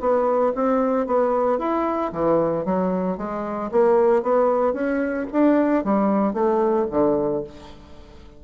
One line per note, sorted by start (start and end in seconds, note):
0.00 0.53 B3
0.55 1.07 C4
1.07 1.58 B3
1.58 2.11 E4
2.12 2.65 E3
2.65 3.17 F#3
3.17 3.70 G#3
3.71 4.22 A#3
4.22 4.73 B3
4.73 5.26 C#4
5.32 5.84 D4
5.84 6.33 G3
6.33 6.86 A3
6.91 7.44 D3